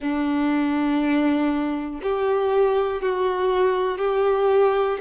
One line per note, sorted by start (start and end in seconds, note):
0.00 2.00 D4
2.02 3.02 G4
3.02 3.98 F#4
3.98 4.98 G4